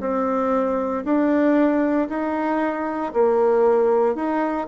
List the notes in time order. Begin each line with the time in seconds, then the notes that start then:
0.00 C4
1.05 D4
2.10 D#4
3.13 A#3
4.16 D#4